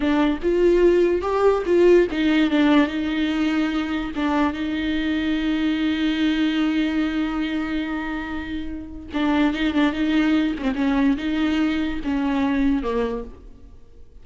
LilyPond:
\new Staff \with { instrumentName = "viola" } { \time 4/4 \tempo 4 = 145 d'4 f'2 g'4 | f'4 dis'4 d'4 dis'4~ | dis'2 d'4 dis'4~ | dis'1~ |
dis'1~ | dis'2 d'4 dis'8 d'8 | dis'4. cis'16 c'16 cis'4 dis'4~ | dis'4 cis'2 ais4 | }